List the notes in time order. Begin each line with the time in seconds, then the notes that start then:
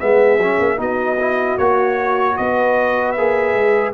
0.00 G#3 B3 G#4 E5
0.38 F#3 C#4
0.59 A#3
0.77 B3 D#4 F#4 D#5
1.21 E4
1.58 A#3 F#4 C#5
2.37 B3 B4 D#5
3.12 A#3 G#4 E5
3.55 G#3